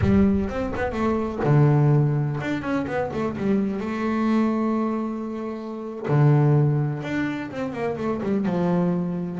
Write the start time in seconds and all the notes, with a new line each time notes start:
0.01 G3
0.49 C4
0.76 B3
0.92 A3
1.44 D3
2.40 D4
2.62 C#4
2.86 B3
3.13 A3
3.37 G3
3.80 A3
6.08 D3
7.02 D4
7.50 C4
7.73 A#3
7.97 A3
8.22 G3
8.45 F3